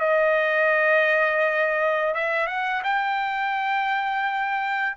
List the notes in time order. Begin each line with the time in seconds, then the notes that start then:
0.00 D#5
2.14 E5
2.47 F#5
2.83 G5